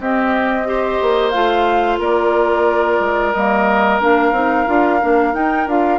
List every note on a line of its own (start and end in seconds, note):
0.00 1.00 C4
0.00 0.66 C4
0.00 0.68 G4
0.00 1.31 D#5
0.66 1.33 G4
0.66 2.00 C5
1.02 1.35 A#3
1.31 1.99 A3
1.31 3.33 F4
1.31 1.97 F5
1.99 2.99 A#3
1.99 5.99 A#4
1.99 3.34 D5
3.00 3.33 G#3
3.34 4.00 G3
3.34 4.01 A#3
3.34 4.00 D#5
4.00 4.32 A#3
4.00 4.34 D4
4.00 5.35 F5
4.32 4.65 C4
4.32 4.67 D#4
4.67 5.02 D4
4.67 5.00 F4
5.01 5.34 A#3
5.01 5.34 D4
5.34 5.67 D#4
5.34 5.68 G5
5.67 5.99 D4
5.67 5.99 F4
5.67 5.99 F5